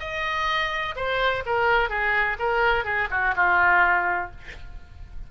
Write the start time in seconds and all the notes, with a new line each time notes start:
0.00 D#5
0.96 C5
1.46 A#4
1.89 G#4
2.39 A#4
2.85 G#4
3.11 F#4
3.36 F4